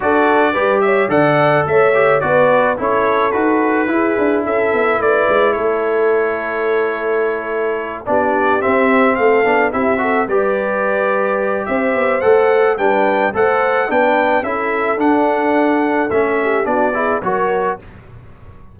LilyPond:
<<
  \new Staff \with { instrumentName = "trumpet" } { \time 4/4 \tempo 4 = 108 d''4. e''8 fis''4 e''4 | d''4 cis''4 b'2 | e''4 d''4 cis''2~ | cis''2~ cis''8 d''4 e''8~ |
e''8 f''4 e''4 d''4.~ | d''4 e''4 fis''4 g''4 | fis''4 g''4 e''4 fis''4~ | fis''4 e''4 d''4 cis''4 | }
  \new Staff \with { instrumentName = "horn" } { \time 4/4 a'4 b'8 cis''8 d''4 cis''4 | b'4 a'2 gis'4 | a'4 b'4 a'2~ | a'2~ a'8 g'4.~ |
g'8 a'4 g'8 a'8 b'4.~ | b'4 c''2 b'4 | c''4 b'4 a'2~ | a'4. g'8 fis'8 gis'8 ais'4 | }
  \new Staff \with { instrumentName = "trombone" } { \time 4/4 fis'4 g'4 a'4. g'8 | fis'4 e'4 fis'4 e'4~ | e'1~ | e'2~ e'8 d'4 c'8~ |
c'4 d'8 e'8 fis'8 g'4.~ | g'2 a'4 d'4 | a'4 d'4 e'4 d'4~ | d'4 cis'4 d'8 e'8 fis'4 | }
  \new Staff \with { instrumentName = "tuba" } { \time 4/4 d'4 g4 d4 a4 | b4 cis'4 dis'4 e'8 d'8 | cis'8 b8 a8 gis8 a2~ | a2~ a8 b4 c'8~ |
c'8 a8 b8 c'4 g4.~ | g4 c'8 b8 a4 g4 | a4 b4 cis'4 d'4~ | d'4 a4 b4 fis4 | }
>>